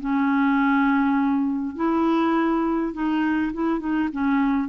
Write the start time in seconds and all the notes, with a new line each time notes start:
0.00 C#4
1.75 E4
2.93 D#4
3.53 E4
3.79 D#4
4.12 C#4